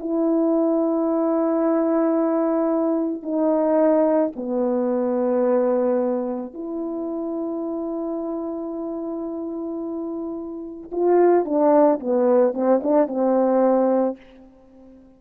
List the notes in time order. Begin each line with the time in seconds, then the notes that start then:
0.00 E4
3.23 D#4
4.36 B3
6.55 E4
10.92 F4
11.45 D4
12.00 B3
12.54 C4
12.83 D4
13.08 C4